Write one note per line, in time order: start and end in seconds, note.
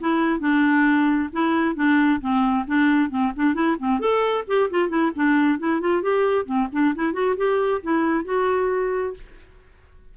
0.00 0.40 E4
0.40 1.29 D4
1.32 1.75 E4
1.75 2.20 D4
2.21 2.65 C4
2.67 3.10 D4
3.10 3.32 C4
3.35 3.54 D4
3.54 3.76 E4
3.79 4.00 C4
4.00 4.45 A4
4.47 4.70 G4
4.70 4.89 F4
4.89 5.11 E4
5.15 5.59 D4
5.59 5.81 E4
5.81 6.02 F4
6.02 6.45 G4
6.45 6.68 C4
6.72 6.94 D4
6.95 7.13 E4
7.13 7.35 F#4
7.36 7.81 G4
7.82 8.24 E4
8.24 9.14 F#4